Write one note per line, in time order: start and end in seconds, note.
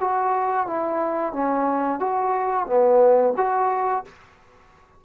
0.00 0.67 F#4
0.67 1.33 E4
1.33 1.99 C#4
1.99 2.66 F#4
2.66 3.34 B3
3.37 4.04 F#4